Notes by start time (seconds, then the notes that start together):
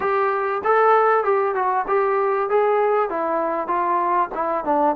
0.00 G4
0.64 A4
1.24 G4
1.54 F#4
1.87 G4
2.49 G#4
3.09 E4
3.67 F4
4.34 E4
4.64 D4